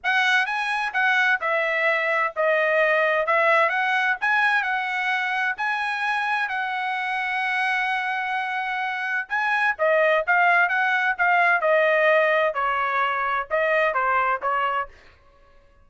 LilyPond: \new Staff \with { instrumentName = "trumpet" } { \time 4/4 \tempo 4 = 129 fis''4 gis''4 fis''4 e''4~ | e''4 dis''2 e''4 | fis''4 gis''4 fis''2 | gis''2 fis''2~ |
fis''1 | gis''4 dis''4 f''4 fis''4 | f''4 dis''2 cis''4~ | cis''4 dis''4 c''4 cis''4 | }